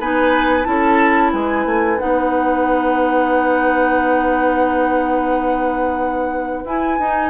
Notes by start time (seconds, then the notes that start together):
0.00 B3 D#4 B4 G#5
0.65 C#4 E4 A5
0.71 A4
1.33 G#3 B4 G#5
1.66 A3
1.99 B3 D#4 F#5
6.65 E4 G#5
7.00 D#4